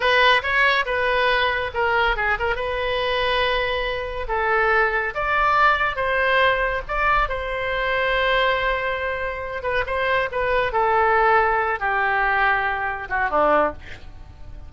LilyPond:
\new Staff \with { instrumentName = "oboe" } { \time 4/4 \tempo 4 = 140 b'4 cis''4 b'2 | ais'4 gis'8 ais'8 b'2~ | b'2 a'2 | d''2 c''2 |
d''4 c''2.~ | c''2~ c''8 b'8 c''4 | b'4 a'2~ a'8 g'8~ | g'2~ g'8 fis'8 d'4 | }